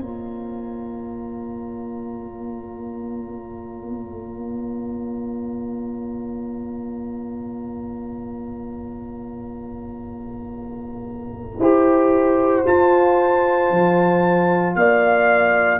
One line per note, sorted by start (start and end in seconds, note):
0.00 11.58 A#3
0.00 11.58 F4
0.00 11.60 C#5
0.00 12.65 A#5
11.59 12.64 E4
11.59 12.65 G4
11.59 14.76 C5
12.65 15.80 F4
12.65 13.70 F4
12.65 14.75 A5
13.70 14.75 F3
14.75 15.80 A#3
14.75 15.80 D5
14.75 15.80 F5